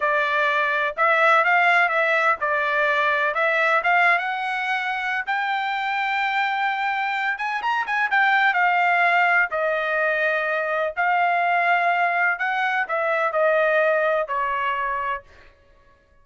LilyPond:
\new Staff \with { instrumentName = "trumpet" } { \time 4/4 \tempo 4 = 126 d''2 e''4 f''4 | e''4 d''2 e''4 | f''8. fis''2~ fis''16 g''4~ | g''2.~ g''8 gis''8 |
ais''8 gis''8 g''4 f''2 | dis''2. f''4~ | f''2 fis''4 e''4 | dis''2 cis''2 | }